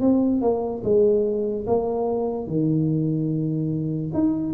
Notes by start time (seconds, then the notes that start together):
0.00 C4
0.41 A#3
0.83 G#3
1.66 A#3
2.47 D#3
4.14 D#4